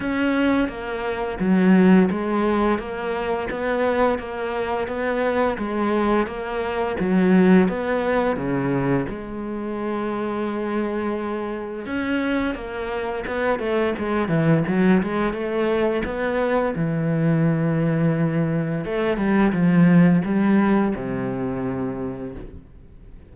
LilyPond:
\new Staff \with { instrumentName = "cello" } { \time 4/4 \tempo 4 = 86 cis'4 ais4 fis4 gis4 | ais4 b4 ais4 b4 | gis4 ais4 fis4 b4 | cis4 gis2.~ |
gis4 cis'4 ais4 b8 a8 | gis8 e8 fis8 gis8 a4 b4 | e2. a8 g8 | f4 g4 c2 | }